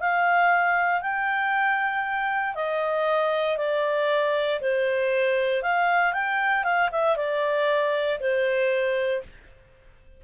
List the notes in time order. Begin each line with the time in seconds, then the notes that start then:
0.00 F5
1.02 G5
2.55 D#5
3.58 D5
4.61 C5
5.63 F5
6.13 G5
6.64 F5
6.92 E5
7.17 D5
8.20 C5